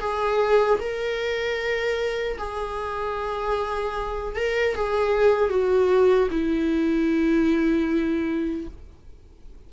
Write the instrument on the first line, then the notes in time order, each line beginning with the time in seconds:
viola
0.00 G#4
0.80 A#4
2.38 G#4
4.36 A#4
4.75 G#4
5.49 F#4
6.31 E4